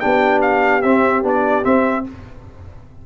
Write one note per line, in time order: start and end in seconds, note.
0.00 0.84 B3
0.00 0.82 D4
0.00 2.04 G4
0.00 0.41 G5
0.42 0.82 F5
0.82 1.23 C4
0.82 1.24 C4
0.82 1.23 E5
1.23 1.64 B3
1.23 1.64 D4
1.23 1.65 D5
1.64 2.04 C4
1.64 2.06 C4
1.64 2.05 E5